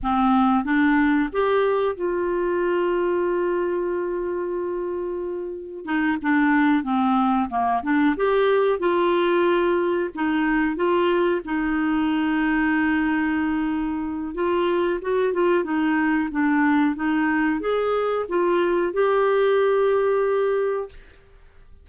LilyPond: \new Staff \with { instrumentName = "clarinet" } { \time 4/4 \tempo 4 = 92 c'4 d'4 g'4 f'4~ | f'1~ | f'4 dis'8 d'4 c'4 ais8 | d'8 g'4 f'2 dis'8~ |
dis'8 f'4 dis'2~ dis'8~ | dis'2 f'4 fis'8 f'8 | dis'4 d'4 dis'4 gis'4 | f'4 g'2. | }